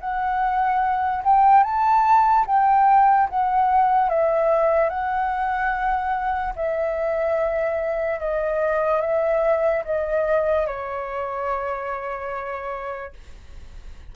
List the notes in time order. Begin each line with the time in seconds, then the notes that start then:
0.00 F#5
1.24 G5
1.64 A5
2.47 G5
3.30 F#5
4.09 E5
4.89 F#5
6.56 E5
8.20 D#5
9.01 E5
9.85 D#5
10.67 C#5